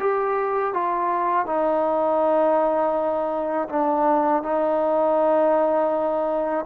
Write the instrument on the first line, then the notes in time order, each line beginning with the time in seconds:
trombone
0.00 G4
0.74 F4
1.46 D#4
3.70 D4
4.43 D#4